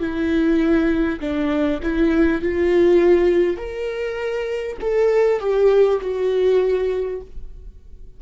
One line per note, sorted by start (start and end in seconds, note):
0.00 1.20 E4
1.21 1.81 D4
1.83 2.42 E4
2.42 3.57 F4
3.57 4.77 A#4
4.81 5.40 A4
5.40 6.00 G4
6.02 7.22 F#4